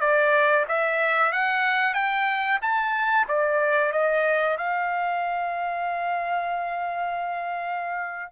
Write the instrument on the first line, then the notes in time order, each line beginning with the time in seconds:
trumpet
0.00 D5
0.68 E5
1.32 F#5
1.94 G5
2.62 A5
3.28 D5
3.92 D#5
4.57 F5